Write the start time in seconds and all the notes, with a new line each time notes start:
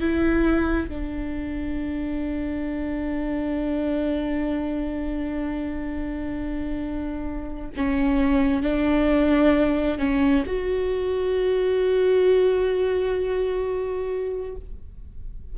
0.00 E4
0.88 D4
7.76 C#4
8.62 D4
9.98 C#4
10.46 F#4